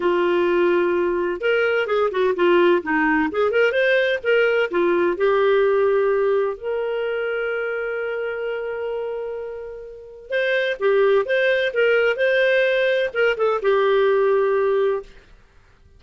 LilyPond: \new Staff \with { instrumentName = "clarinet" } { \time 4/4 \tempo 4 = 128 f'2. ais'4 | gis'8 fis'8 f'4 dis'4 gis'8 ais'8 | c''4 ais'4 f'4 g'4~ | g'2 ais'2~ |
ais'1~ | ais'2 c''4 g'4 | c''4 ais'4 c''2 | ais'8 a'8 g'2. | }